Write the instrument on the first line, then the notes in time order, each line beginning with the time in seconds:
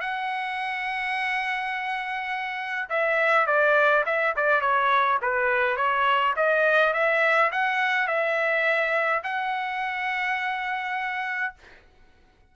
trumpet
0.00 F#5
2.89 E5
3.46 D5
4.05 E5
4.36 D5
4.60 C#5
5.21 B4
5.76 C#5
6.36 D#5
6.93 E5
7.51 F#5
8.07 E5
9.23 F#5